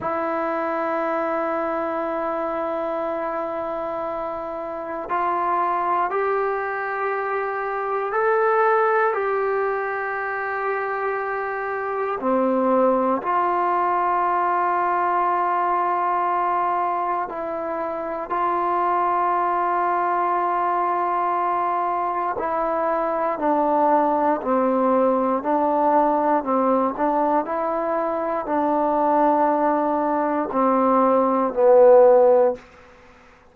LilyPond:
\new Staff \with { instrumentName = "trombone" } { \time 4/4 \tempo 4 = 59 e'1~ | e'4 f'4 g'2 | a'4 g'2. | c'4 f'2.~ |
f'4 e'4 f'2~ | f'2 e'4 d'4 | c'4 d'4 c'8 d'8 e'4 | d'2 c'4 b4 | }